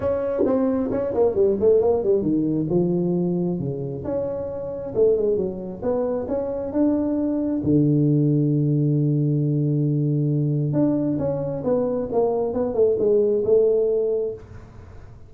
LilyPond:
\new Staff \with { instrumentName = "tuba" } { \time 4/4 \tempo 4 = 134 cis'4 c'4 cis'8 ais8 g8 a8 | ais8 g8 dis4 f2 | cis4 cis'2 a8 gis8 | fis4 b4 cis'4 d'4~ |
d'4 d2.~ | d1 | d'4 cis'4 b4 ais4 | b8 a8 gis4 a2 | }